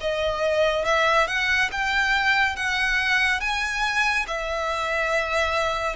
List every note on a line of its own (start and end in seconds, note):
0.00 0.85 D#5
0.85 1.27 E5
1.27 1.70 F#5
1.71 2.56 G5
2.56 3.40 F#5
3.40 4.25 G#5
4.27 5.96 E5